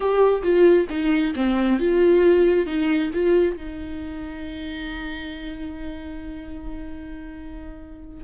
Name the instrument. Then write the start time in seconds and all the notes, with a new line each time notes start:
viola
0.00 G4
0.42 F4
0.89 D#4
1.35 C4
1.79 F4
2.66 D#4
3.13 F4
3.56 D#4